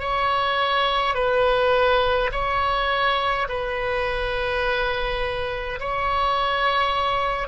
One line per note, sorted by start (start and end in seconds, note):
0.00 1.15 C#5
1.15 2.30 B4
2.32 3.47 C#5
3.49 5.80 B4
5.80 7.48 C#5